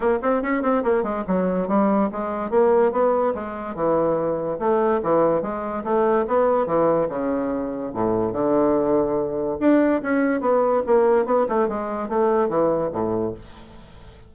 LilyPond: \new Staff \with { instrumentName = "bassoon" } { \time 4/4 \tempo 4 = 144 ais8 c'8 cis'8 c'8 ais8 gis8 fis4 | g4 gis4 ais4 b4 | gis4 e2 a4 | e4 gis4 a4 b4 |
e4 cis2 a,4 | d2. d'4 | cis'4 b4 ais4 b8 a8 | gis4 a4 e4 a,4 | }